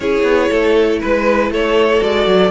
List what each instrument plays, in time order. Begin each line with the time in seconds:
0.00 cello C#4, viola E4, violin G#4 C#5
0.22 cello B3
0.49 cello A3, violin A4
1.00 cello G#3, violin B4
1.50 cello A3, violin A4 C#5
1.98 cello G#3, viola F#4, violin D5
2.26 cello F#3